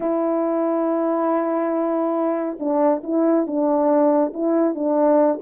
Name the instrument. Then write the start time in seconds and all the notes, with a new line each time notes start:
horn
0.00 E4
2.59 D4
3.03 E4
3.46 D4
4.33 E4
4.74 D4